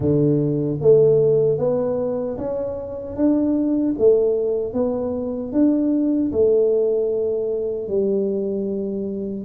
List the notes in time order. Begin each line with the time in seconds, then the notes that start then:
0.00 D3
0.81 A3
1.58 B3
2.37 C#4
3.16 D4
3.98 A3
4.73 B3
5.52 D4
6.32 A3
7.88 G3